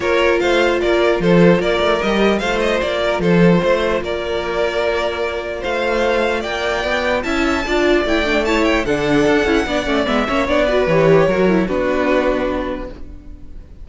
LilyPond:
<<
  \new Staff \with { instrumentName = "violin" } { \time 4/4 \tempo 4 = 149 cis''4 f''4 d''4 c''4 | d''4 dis''4 f''8 dis''8 d''4 | c''2 d''2~ | d''2 f''2 |
g''2 a''2 | g''4 a''8 g''8 fis''2~ | fis''4 e''4 d''4 cis''4~ | cis''4 b'2. | }
  \new Staff \with { instrumentName = "violin" } { \time 4/4 ais'4 c''4 ais'4 a'4 | ais'2 c''4. ais'8 | a'4 c''4 ais'2~ | ais'2 c''2 |
d''2 e''4 d''4~ | d''4 cis''4 a'2 | d''4. cis''4 b'4. | ais'4 fis'2. | }
  \new Staff \with { instrumentName = "viola" } { \time 4/4 f'1~ | f'4 g'4 f'2~ | f'1~ | f'1~ |
f'2 e'4 f'4 | e'8 d'8 e'4 d'4. e'8 | d'8 cis'8 b8 cis'8 d'8 fis'8 g'4 | fis'8 e'8 d'2. | }
  \new Staff \with { instrumentName = "cello" } { \time 4/4 ais4 a4 ais4 f4 | ais8 a8 g4 a4 ais4 | f4 a4 ais2~ | ais2 a2 |
ais4 b4 cis'4 d'4 | a2 d4 d'8 cis'8 | b8 a8 gis8 ais8 b4 e4 | fis4 b2. | }
>>